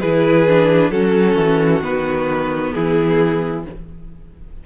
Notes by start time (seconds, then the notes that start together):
0.00 E3 E4 G#4 B4
0.48 D4
0.90 F#3 C#4 F#4 A4
1.36 E3
1.81 D#3 B3 B4
2.73 E3 E4 G#4